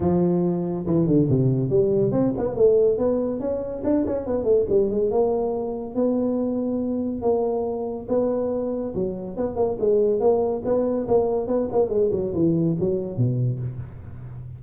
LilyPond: \new Staff \with { instrumentName = "tuba" } { \time 4/4 \tempo 4 = 141 f2 e8 d8 c4 | g4 c'8 b8 a4 b4 | cis'4 d'8 cis'8 b8 a8 g8 gis8 | ais2 b2~ |
b4 ais2 b4~ | b4 fis4 b8 ais8 gis4 | ais4 b4 ais4 b8 ais8 | gis8 fis8 e4 fis4 b,4 | }